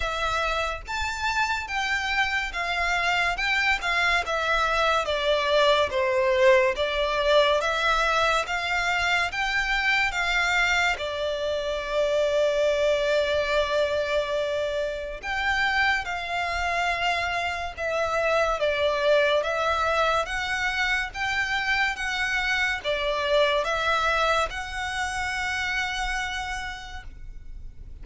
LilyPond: \new Staff \with { instrumentName = "violin" } { \time 4/4 \tempo 4 = 71 e''4 a''4 g''4 f''4 | g''8 f''8 e''4 d''4 c''4 | d''4 e''4 f''4 g''4 | f''4 d''2.~ |
d''2 g''4 f''4~ | f''4 e''4 d''4 e''4 | fis''4 g''4 fis''4 d''4 | e''4 fis''2. | }